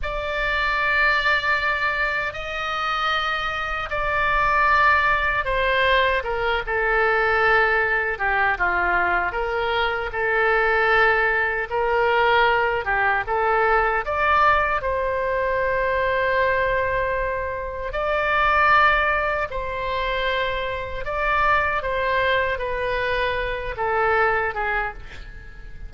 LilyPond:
\new Staff \with { instrumentName = "oboe" } { \time 4/4 \tempo 4 = 77 d''2. dis''4~ | dis''4 d''2 c''4 | ais'8 a'2 g'8 f'4 | ais'4 a'2 ais'4~ |
ais'8 g'8 a'4 d''4 c''4~ | c''2. d''4~ | d''4 c''2 d''4 | c''4 b'4. a'4 gis'8 | }